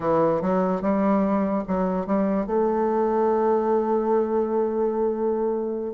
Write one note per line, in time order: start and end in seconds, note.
0.00 0.41 E3
0.41 0.81 F#3
0.81 1.63 G3
1.67 2.06 F#3
2.06 2.46 G3
2.46 5.93 A3